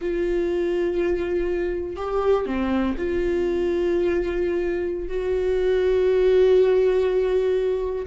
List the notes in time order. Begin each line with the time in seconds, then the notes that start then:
0.01 F4
1.96 G4
2.46 C4
2.97 F4
5.08 F#4